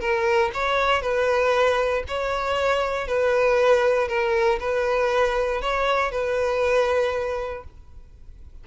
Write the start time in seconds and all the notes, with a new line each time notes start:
0.00 A#4
0.54 C#5
1.01 B4
2.08 C#5
3.07 B4
4.08 A#4
4.60 B4
5.61 C#5
6.11 B4